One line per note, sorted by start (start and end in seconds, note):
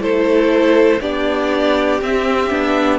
0.00 1.00 A3
0.00 1.00 E4
0.00 1.01 A4
0.00 1.01 C5
1.01 2.01 B3
1.01 2.01 D4
1.01 2.98 G4
1.01 2.01 D5
2.01 2.50 C4
2.01 2.98 E5
2.50 2.98 B3
2.50 2.98 D4